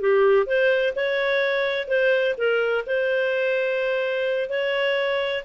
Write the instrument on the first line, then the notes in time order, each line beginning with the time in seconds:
clarinet
0.00 G4
0.46 C5
0.95 C#5
1.88 C5
2.37 A#4
2.86 C5
4.49 C#5